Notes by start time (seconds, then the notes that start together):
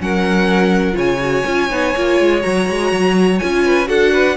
0.00 F#3 C#4 A#4 F#5
0.93 C#3 F4 C#5 G#5
1.20 F#4
1.45 C#4 F4
1.70 B3 D#4
1.97 A#3 F4
2.20 G#3
2.41 F#3 F#4 A#5
2.70 G#3
2.92 F#3
3.39 C#4 F4 G#5
3.65 B4
3.86 D4 F#4 A4 F#5
4.13 B4